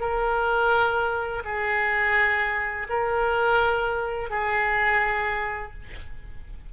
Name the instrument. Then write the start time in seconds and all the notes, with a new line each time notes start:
oboe
0.00 A#4
1.44 G#4
2.89 A#4
4.30 G#4